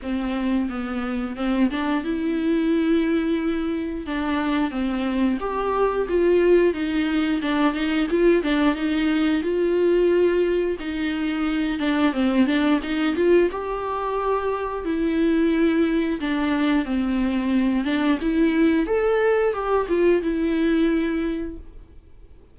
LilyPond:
\new Staff \with { instrumentName = "viola" } { \time 4/4 \tempo 4 = 89 c'4 b4 c'8 d'8 e'4~ | e'2 d'4 c'4 | g'4 f'4 dis'4 d'8 dis'8 | f'8 d'8 dis'4 f'2 |
dis'4. d'8 c'8 d'8 dis'8 f'8 | g'2 e'2 | d'4 c'4. d'8 e'4 | a'4 g'8 f'8 e'2 | }